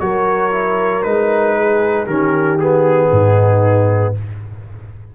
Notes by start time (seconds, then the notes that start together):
0.00 F#3 F#4 A#4 C#5
0.51 E4
1.02 G#3 D#4 B4
1.57 G#4
2.05 D#3 C#4 G4 A#4
2.59 B3 G#4
3.11 G#2 D#4